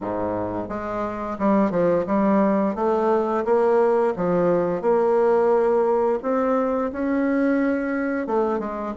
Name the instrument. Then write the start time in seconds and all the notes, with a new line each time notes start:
bassoon
0.01 G#2
0.68 G#3
1.38 G3
1.70 F3
2.06 G3
2.75 A3
3.45 A#3
4.16 F3
4.81 A#3
6.22 C4
6.92 C#4
8.27 A3
8.59 G#3